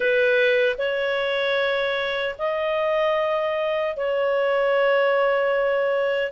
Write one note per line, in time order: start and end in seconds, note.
0.00 0.76 B4
0.78 2.35 C#5
2.38 3.96 D#5
3.96 6.31 C#5